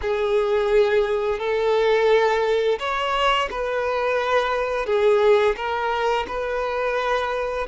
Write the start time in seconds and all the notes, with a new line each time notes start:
0.01 G#4
1.39 A4
2.79 C#5
3.51 B4
4.86 G#4
5.56 A#4
6.27 B4